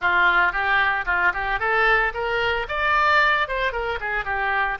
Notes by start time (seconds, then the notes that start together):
0.01 F4
0.52 G4
1.05 F4
1.33 G4
1.59 A4
2.14 A#4
2.68 D5
3.48 C5
3.72 A#4
4.00 G#4
4.25 G4